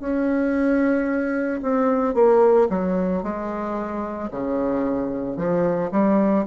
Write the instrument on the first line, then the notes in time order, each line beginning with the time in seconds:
bassoon
0.00 C#4
1.62 C4
2.14 A#3
2.69 F#3
3.23 G#3
4.31 C#3
5.37 F3
5.91 G3